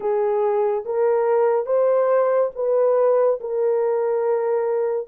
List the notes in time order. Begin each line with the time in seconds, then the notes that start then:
0.00 G#4
0.85 A#4
1.66 C5
2.55 B4
3.40 A#4